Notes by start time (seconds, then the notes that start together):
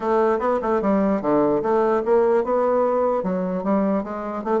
0.00 A3
0.39 B3
0.62 A3
0.81 G3
1.21 D3
1.62 A3
2.05 A#3
2.44 B3
3.23 F#3
3.63 G3
4.03 G#3
4.44 A3